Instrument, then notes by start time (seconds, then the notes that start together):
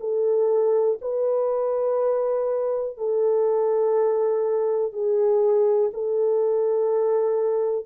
horn
0.00 A4
1.01 B4
2.97 A4
4.92 G#4
5.93 A4